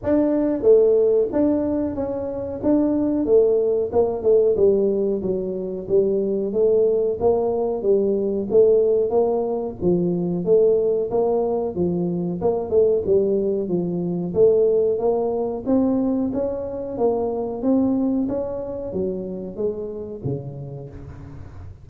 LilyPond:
\new Staff \with { instrumentName = "tuba" } { \time 4/4 \tempo 4 = 92 d'4 a4 d'4 cis'4 | d'4 a4 ais8 a8 g4 | fis4 g4 a4 ais4 | g4 a4 ais4 f4 |
a4 ais4 f4 ais8 a8 | g4 f4 a4 ais4 | c'4 cis'4 ais4 c'4 | cis'4 fis4 gis4 cis4 | }